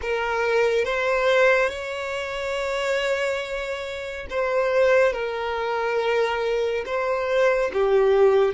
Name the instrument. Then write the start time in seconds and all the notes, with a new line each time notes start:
violin
0.01 A#4
0.85 C5
1.69 C#5
4.29 C5
5.12 A#4
6.85 C5
7.73 G4